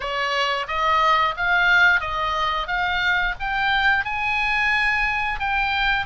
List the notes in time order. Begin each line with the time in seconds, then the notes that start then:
0.00 C#5
0.67 D#5
1.36 F5
2.00 D#5
2.67 F5
3.39 G5
4.04 G#5
5.39 G5